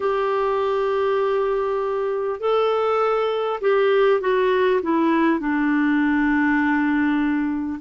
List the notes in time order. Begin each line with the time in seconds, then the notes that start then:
0.00 G4
2.40 A4
3.61 G4
4.21 F#4
4.82 E4
5.39 D4